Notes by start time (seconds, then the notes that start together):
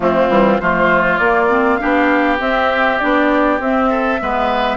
0.00 F3 A3 C4 F4
0.28 E3 G3
0.60 F3 A3 F4 C5
1.17 A#3 D5
1.49 C4
1.76 D4 G4 F5
1.83 B3
2.38 C4 E5
2.98 B3 D4 D5
3.59 C4 E5
3.89 A4
4.20 G#3 B3 B4